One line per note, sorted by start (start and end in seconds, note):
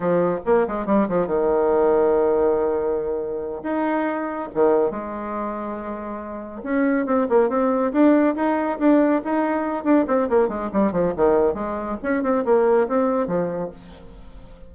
0.00 0.39 F3
0.45 0.67 A#3
0.67 0.86 G#3
0.86 1.07 G3
1.08 1.26 F3
1.26 3.62 D#3
3.63 4.49 D#4
4.54 4.90 D#3
4.90 6.62 G#3
6.63 7.05 C#4
7.05 7.27 C4
7.29 7.49 A#3
7.49 7.91 C4
7.92 8.35 D4
8.35 8.78 D#4
8.79 9.21 D4
9.24 9.84 D#4
9.84 10.05 D4
10.07 10.28 C4
10.29 10.48 A#3
10.48 10.69 G#3
10.72 10.91 G3
10.91 11.13 F3
11.16 11.54 D#3
11.54 11.97 G#3
12.02 12.23 C#4
12.23 12.44 C4
12.44 12.87 A#3
12.87 13.27 C4
13.27 13.70 F3